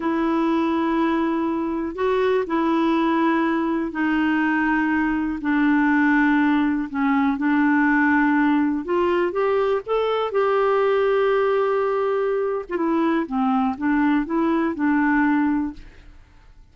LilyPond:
\new Staff \with { instrumentName = "clarinet" } { \time 4/4 \tempo 4 = 122 e'1 | fis'4 e'2. | dis'2. d'4~ | d'2 cis'4 d'4~ |
d'2 f'4 g'4 | a'4 g'2.~ | g'4.~ g'16 f'16 e'4 c'4 | d'4 e'4 d'2 | }